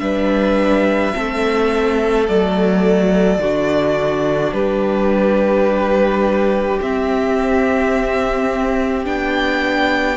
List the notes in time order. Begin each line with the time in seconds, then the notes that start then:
0.00 G3 D4 B4 E5
1.14 A3 C4 A4
2.28 F#3 A3 D5
3.39 D3 D4 F#4
4.53 G3 G4 B4
6.82 C4 E5
9.06 B3 D4 G5